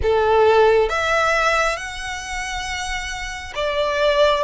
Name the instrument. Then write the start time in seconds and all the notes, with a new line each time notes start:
violin
0.02 A4
0.89 E5
1.76 F#5
3.55 D5